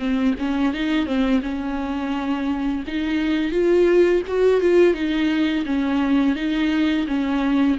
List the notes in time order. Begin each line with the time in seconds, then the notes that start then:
0.00 C4
0.39 C#4
0.74 D#4
1.07 C4
1.43 C#4
2.87 D#4
3.52 F4
4.28 F#4
4.61 F4
4.94 D#4
5.66 C#4
6.36 D#4
7.07 C#4